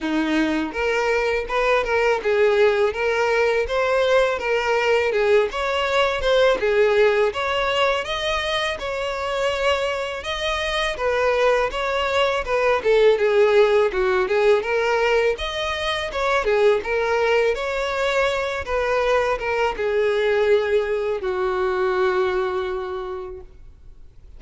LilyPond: \new Staff \with { instrumentName = "violin" } { \time 4/4 \tempo 4 = 82 dis'4 ais'4 b'8 ais'8 gis'4 | ais'4 c''4 ais'4 gis'8 cis''8~ | cis''8 c''8 gis'4 cis''4 dis''4 | cis''2 dis''4 b'4 |
cis''4 b'8 a'8 gis'4 fis'8 gis'8 | ais'4 dis''4 cis''8 gis'8 ais'4 | cis''4. b'4 ais'8 gis'4~ | gis'4 fis'2. | }